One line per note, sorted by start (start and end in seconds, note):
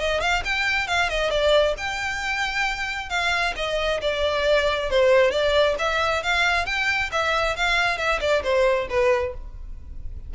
0.00 0.21 D#5
0.21 0.43 F5
0.45 0.88 G5
0.88 1.09 F5
1.09 1.30 D#5
1.30 1.75 D5
1.78 3.09 G5
3.09 3.54 F5
3.56 4.01 D#5
4.01 4.90 D5
4.91 5.31 C5
5.31 5.75 D5
5.79 6.23 E5
6.23 6.66 F5
6.66 7.11 G5
7.12 7.56 E5
7.56 7.98 F5
7.98 8.20 E5
8.21 8.43 D5
8.43 8.88 C5
8.90 9.34 B4